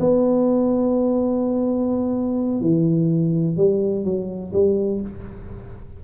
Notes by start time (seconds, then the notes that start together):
0.00 B3
2.61 E3
3.57 G3
4.04 F#3
4.53 G3